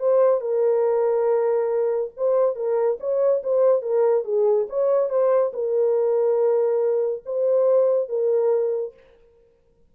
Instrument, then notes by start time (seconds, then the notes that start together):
horn
0.00 C5
0.41 A#4
2.17 C5
2.56 A#4
3.00 C#5
3.44 C5
3.83 A#4
4.25 G#4
4.69 C#5
5.10 C5
5.54 A#4
7.26 C5
8.09 A#4